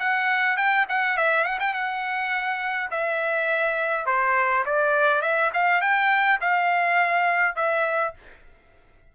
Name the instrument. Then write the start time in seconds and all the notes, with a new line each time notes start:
trumpet
0.00 F#5
0.57 G5
0.89 F#5
1.17 E5
1.45 F#5
1.60 G5
1.74 F#5
2.91 E5
4.06 C5
4.66 D5
5.22 E5
5.54 F5
5.82 G5
6.41 F5
7.56 E5